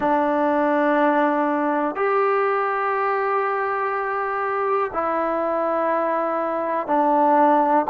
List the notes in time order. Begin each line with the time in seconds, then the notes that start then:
0.00 D4
1.95 G4
4.93 E4
6.87 D4